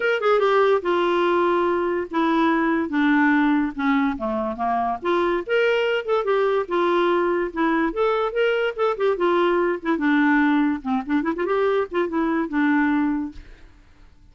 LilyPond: \new Staff \with { instrumentName = "clarinet" } { \time 4/4 \tempo 4 = 144 ais'8 gis'8 g'4 f'2~ | f'4 e'2 d'4~ | d'4 cis'4 a4 ais4 | f'4 ais'4. a'8 g'4 |
f'2 e'4 a'4 | ais'4 a'8 g'8 f'4. e'8 | d'2 c'8 d'8 e'16 f'16 g'8~ | g'8 f'8 e'4 d'2 | }